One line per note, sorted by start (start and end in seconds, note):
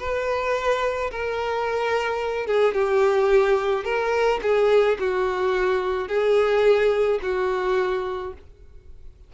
0.00 1.11 B4
1.11 2.47 A#4
2.47 2.74 G#4
2.74 3.85 G4
3.85 4.41 A#4
4.43 4.98 G#4
5.00 6.09 F#4
6.09 7.20 G#4
7.22 8.34 F#4